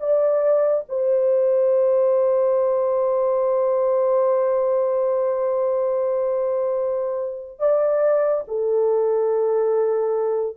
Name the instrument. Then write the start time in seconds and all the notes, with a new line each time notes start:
horn
0.00 D5
0.89 C5
7.59 D5
8.47 A4